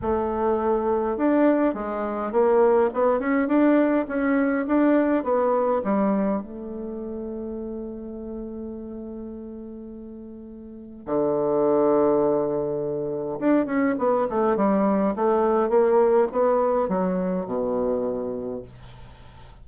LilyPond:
\new Staff \with { instrumentName = "bassoon" } { \time 4/4 \tempo 4 = 103 a2 d'4 gis4 | ais4 b8 cis'8 d'4 cis'4 | d'4 b4 g4 a4~ | a1~ |
a2. d4~ | d2. d'8 cis'8 | b8 a8 g4 a4 ais4 | b4 fis4 b,2 | }